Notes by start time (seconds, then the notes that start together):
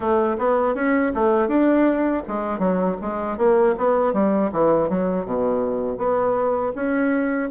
0.00 A3
0.38 B3
0.75 C#4
1.14 A3
1.48 D4
2.27 G#3
2.58 F#3
3.01 G#3
3.38 A#3
3.77 B3
4.13 G3
4.52 E3
4.89 F#3
5.25 B2
5.97 B3
6.75 C#4